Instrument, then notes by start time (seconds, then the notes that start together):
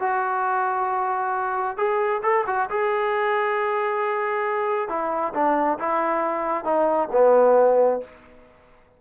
trombone
0.00 F#4
1.78 G#4
2.23 A4
2.47 F#4
2.70 G#4
4.89 E4
5.34 D4
5.79 E4
6.65 D#4
7.13 B3